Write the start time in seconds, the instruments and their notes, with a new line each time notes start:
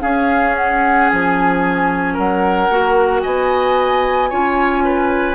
0.00 clarinet C#4, bassoon C#4, oboe G#4, flute F5
0.55 flute F#5
1.09 bassoon F3, flute G#5
2.13 bassoon F#3, oboe A#4, flute F#5
2.69 bassoon A#3, clarinet F#4
3.21 bassoon B3, oboe D#5, flute G#5
4.29 bassoon C#4, clarinet F4, oboe C#5
4.84 oboe B4